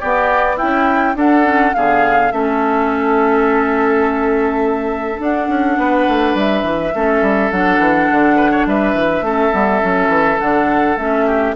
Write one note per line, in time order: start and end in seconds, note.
0.00 0.58 B3
0.00 0.61 B3
0.00 0.56 G4
0.00 0.58 D5
0.56 1.14 E4
0.56 1.15 E4
0.56 1.16 G5
0.62 1.15 C#4
1.15 1.73 D4
1.15 1.44 D4
1.15 1.76 A4
1.15 1.74 F#5
1.44 1.73 C#4
1.74 2.32 D3
1.74 2.31 B3
1.74 2.34 G#4
1.74 2.32 F5
2.31 5.20 A3
2.31 5.19 C#4
2.31 5.79 A4
2.31 5.20 E5
5.19 6.92 D4
5.19 5.48 D4
5.19 6.38 F#5
5.48 5.77 C#4
5.77 6.06 B3
5.77 6.94 B4
6.08 6.35 A3
6.35 6.63 G3
6.35 7.52 E5
6.63 6.92 E3
6.95 7.22 A3
6.95 7.52 C#4
6.95 8.36 A4
7.22 7.51 G3
7.52 7.79 F#3
7.52 9.25 D4
7.52 8.67 F#5
7.79 8.08 E3
8.11 8.66 D3
8.36 8.51 B4
8.51 8.66 C#5
8.66 8.94 G3
8.66 9.25 B4
8.66 10.39 E5
8.94 9.21 E3
9.21 9.50 A3
9.21 9.52 C#4
9.21 11.26 A4
9.52 9.83 G3
9.52 9.81 B3
9.81 10.08 F#3
9.81 10.38 C#4
10.08 10.37 E3
10.39 10.96 D3
10.39 10.98 D4
10.39 10.97 F#5
10.96 11.54 A3
10.96 11.56 C#4
10.96 11.55 E5
11.26 11.55 G4